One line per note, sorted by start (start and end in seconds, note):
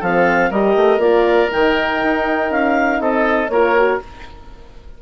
0.00 0.51 F3
0.00 0.52 C4
0.00 0.50 A4
0.00 0.52 F5
0.50 0.76 G3
0.50 1.00 G4
0.50 3.00 A#4
0.50 1.00 D#5
0.76 0.98 A3
0.98 1.48 A#3
0.98 1.49 F4
0.98 1.50 D5
1.49 2.03 D#3
1.49 3.49 D#4
1.49 2.51 G5
2.03 2.51 D#4
2.51 3.00 C#4
2.51 3.01 F5
3.00 3.49 C4
3.00 3.51 A4
3.00 3.49 D#5
3.49 3.99 A#3
3.49 3.77 F4
3.49 4.02 A#4
3.49 3.99 C#5
3.77 4.02 F#4